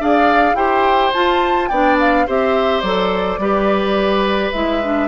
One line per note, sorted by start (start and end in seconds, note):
0.00 0.54 D4
0.00 0.56 G#4
0.00 0.56 D5
0.00 0.56 F5
0.54 1.10 E4
0.54 1.13 G4
0.54 1.70 C5
0.54 1.12 G5
1.13 1.70 F4
1.13 1.71 F4
1.13 1.68 A5
1.68 2.27 B3
1.68 2.27 D4
1.68 2.26 D5
1.68 1.97 G5
2.00 2.28 F5
2.27 2.83 C4
2.27 2.84 G4
2.27 3.40 C5
2.27 2.81 E5
2.81 3.38 F#3
2.81 3.41 A4
2.81 4.51 D5
3.38 4.51 G3
3.38 4.54 G4
3.38 5.08 B4
4.52 5.08 G#3
4.52 4.82 E4
4.52 5.08 E5
4.82 5.08 D4